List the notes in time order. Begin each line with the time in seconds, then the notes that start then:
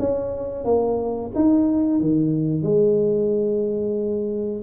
0.00 C#4
0.65 A#3
1.35 D#4
2.01 D#3
2.63 G#3